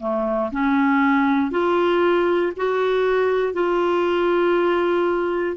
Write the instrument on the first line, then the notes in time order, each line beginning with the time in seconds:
clarinet
0.00 A3
0.52 C#4
1.51 F4
2.57 F#4
3.54 F4